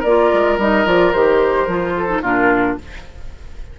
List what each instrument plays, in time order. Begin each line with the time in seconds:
0.00 bassoon A#3, oboe A#4, flute D5
0.07 clarinet F4
0.33 bassoon G#3
0.58 bassoon G3, clarinet D#4, flute D#5
0.85 bassoon F3, clarinet F4, flute D5
1.12 bassoon D#3, clarinet G4, flute C5
1.67 bassoon F3, clarinet F4
1.97 oboe A4
2.08 clarinet D#4
2.22 bassoon A#2, clarinet D4, oboe F4, flute A#4